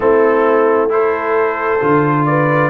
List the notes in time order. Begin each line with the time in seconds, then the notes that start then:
0.00 A3 C4 E4 A4
0.89 E4 A4 C5
1.80 D3 F4
2.25 B4 D5